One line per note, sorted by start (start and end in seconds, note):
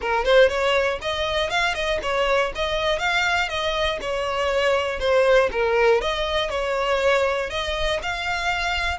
0.01 0.24 A#4
0.24 0.49 C5
0.49 0.99 C#5
1.01 1.50 D#5
1.50 1.74 F5
1.74 1.99 D#5
2.02 2.52 C#5
2.55 2.98 D#5
2.98 3.48 F5
3.48 3.98 D#5
4.01 4.99 C#5
4.99 5.49 C5
5.51 6.01 A#4
6.01 6.50 D#5
6.50 7.50 C#5
7.50 8.00 D#5
8.02 8.98 F5